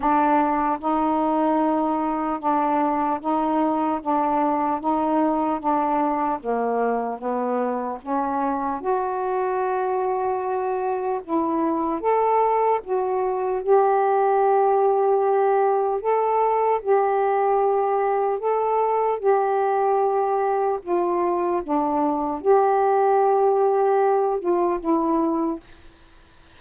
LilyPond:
\new Staff \with { instrumentName = "saxophone" } { \time 4/4 \tempo 4 = 75 d'4 dis'2 d'4 | dis'4 d'4 dis'4 d'4 | ais4 b4 cis'4 fis'4~ | fis'2 e'4 a'4 |
fis'4 g'2. | a'4 g'2 a'4 | g'2 f'4 d'4 | g'2~ g'8 f'8 e'4 | }